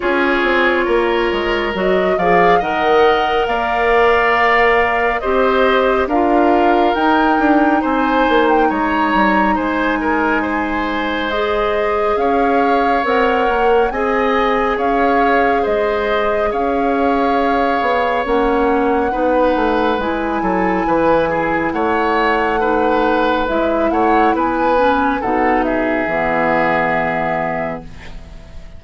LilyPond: <<
  \new Staff \with { instrumentName = "flute" } { \time 4/4 \tempo 4 = 69 cis''2 dis''8 f''8 fis''4 | f''2 dis''4 f''4 | g''4 gis''8. g''16 ais''4 gis''4~ | gis''4 dis''4 f''4 fis''4 |
gis''4 f''4 dis''4 f''4~ | f''4 fis''2 gis''4~ | gis''4 fis''2 e''8 fis''8 | gis''4 fis''8 e''2~ e''8 | }
  \new Staff \with { instrumentName = "oboe" } { \time 4/4 gis'4 ais'4. d''8 dis''4 | d''2 c''4 ais'4~ | ais'4 c''4 cis''4 c''8 ais'8 | c''2 cis''2 |
dis''4 cis''4 c''4 cis''4~ | cis''2 b'4. a'8 | b'8 gis'8 cis''4 b'4. cis''8 | b'4 a'8 gis'2~ gis'8 | }
  \new Staff \with { instrumentName = "clarinet" } { \time 4/4 f'2 fis'8 gis'8 ais'4~ | ais'2 g'4 f'4 | dis'1~ | dis'4 gis'2 ais'4 |
gis'1~ | gis'4 cis'4 dis'4 e'4~ | e'2 dis'4 e'4~ | e'8 cis'8 dis'4 b2 | }
  \new Staff \with { instrumentName = "bassoon" } { \time 4/4 cis'8 c'8 ais8 gis8 fis8 f8 dis4 | ais2 c'4 d'4 | dis'8 d'8 c'8 ais8 gis8 g8 gis4~ | gis2 cis'4 c'8 ais8 |
c'4 cis'4 gis4 cis'4~ | cis'8 b8 ais4 b8 a8 gis8 fis8 | e4 a2 gis8 a8 | b4 b,4 e2 | }
>>